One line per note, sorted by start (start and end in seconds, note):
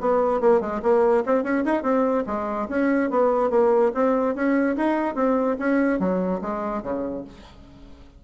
0.00 0.40 B3
0.40 0.60 A#3
0.60 0.81 G#3
0.82 1.24 A#3
1.25 1.43 C4
1.43 1.64 C#4
1.65 1.82 D#4
1.82 2.24 C4
2.26 2.68 G#3
2.68 3.10 C#4
3.10 3.50 B3
3.50 3.91 A#3
3.94 4.35 C4
4.35 4.76 C#4
4.76 5.15 D#4
5.15 5.56 C4
5.59 5.99 C#4
5.99 6.40 F#3
6.41 6.82 G#3
6.82 7.24 C#3